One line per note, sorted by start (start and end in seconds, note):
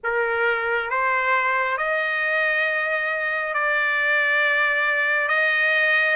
0.03 0.89 A#4
0.89 1.77 C5
1.77 3.54 D#5
3.54 5.28 D5
5.28 6.16 D#5